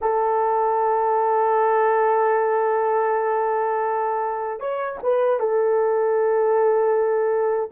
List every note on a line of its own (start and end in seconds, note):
0.01 4.60 A4
4.60 4.98 C#5
5.02 5.39 B4
5.39 7.70 A4